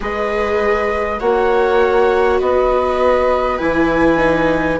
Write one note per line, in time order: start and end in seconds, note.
0.00 1.21 G#3
0.00 1.18 G#4
0.00 1.20 B4
0.00 1.19 D#5
1.19 2.40 A#3
1.19 3.59 F#4
1.19 2.39 C#5
1.19 2.39 F#5
2.39 3.60 B3
2.39 4.79 B4
2.39 3.58 D#5
3.58 4.79 E3
3.58 4.17 E4
3.58 4.78 G#5
4.17 4.77 D#4